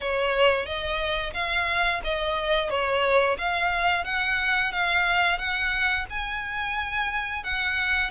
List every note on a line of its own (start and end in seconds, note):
0.00 0.66 C#5
0.66 1.33 D#5
1.33 2.00 F5
2.04 2.70 D#5
2.70 3.37 C#5
3.38 4.04 F5
4.04 4.72 F#5
4.72 5.38 F5
5.38 6.05 F#5
6.10 7.43 G#5
7.43 8.11 F#5